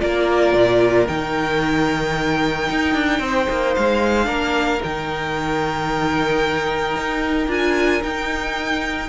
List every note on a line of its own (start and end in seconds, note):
0.00 0.54 A#3
0.00 1.07 F4
0.00 3.21 A#4
0.00 1.08 D5
0.54 1.07 A#2
1.08 2.70 D#3
1.08 4.25 D#4
1.08 3.75 G5
2.70 2.95 D#4
2.95 3.20 D4
3.20 3.47 C4
3.20 4.27 C5
3.50 3.77 A#3
3.75 4.27 G#3
3.75 4.82 F5
4.25 4.81 A#3
4.25 4.78 D4
4.25 9.09 A#4
4.81 6.97 D#3
4.81 7.49 D#4
4.81 7.52 G5
6.97 7.48 D#4
7.48 8.01 D4
7.48 8.02 F4
7.48 8.04 G#5
8.03 9.10 D#4
8.03 9.10 G5